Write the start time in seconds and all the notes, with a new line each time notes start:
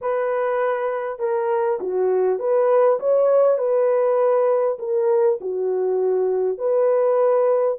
0.01 B4
1.19 A#4
1.80 F#4
2.39 B4
2.99 C#5
3.58 B4
4.78 A#4
5.40 F#4
6.58 B4